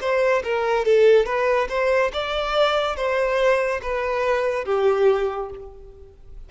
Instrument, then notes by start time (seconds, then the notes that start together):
violin
0.00 C5
0.44 A#4
0.85 A4
1.25 B4
1.69 C5
2.13 D5
2.96 C5
3.82 B4
4.65 G4